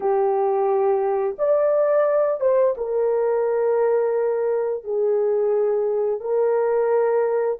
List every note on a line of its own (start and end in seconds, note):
0.00 1.36 G4
1.38 2.40 D5
2.40 2.75 C5
2.77 4.84 A#4
4.84 6.20 G#4
6.20 7.58 A#4